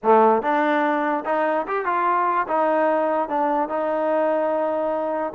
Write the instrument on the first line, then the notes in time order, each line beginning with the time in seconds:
trombone
0.03 A3
0.42 D4
1.25 D#4
1.67 G4
1.85 F4
2.47 D#4
3.29 D4
3.69 D#4